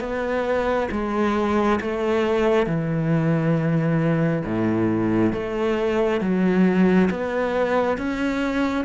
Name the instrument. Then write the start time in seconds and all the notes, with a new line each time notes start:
cello
0.00 B3
0.91 G#3
1.80 A3
2.66 E3
4.45 A2
5.33 A3
6.20 F#3
7.10 B3
7.97 C#4